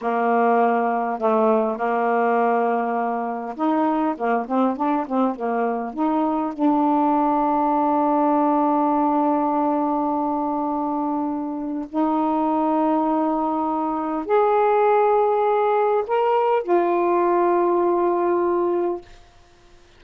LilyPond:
\new Staff \with { instrumentName = "saxophone" } { \time 4/4 \tempo 4 = 101 ais2 a4 ais4~ | ais2 dis'4 ais8 c'8 | d'8 c'8 ais4 dis'4 d'4~ | d'1~ |
d'1 | dis'1 | gis'2. ais'4 | f'1 | }